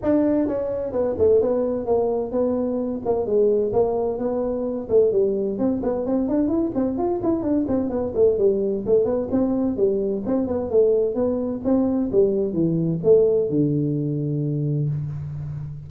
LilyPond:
\new Staff \with { instrumentName = "tuba" } { \time 4/4 \tempo 4 = 129 d'4 cis'4 b8 a8 b4 | ais4 b4. ais8 gis4 | ais4 b4. a8 g4 | c'8 b8 c'8 d'8 e'8 c'8 f'8 e'8 |
d'8 c'8 b8 a8 g4 a8 b8 | c'4 g4 c'8 b8 a4 | b4 c'4 g4 e4 | a4 d2. | }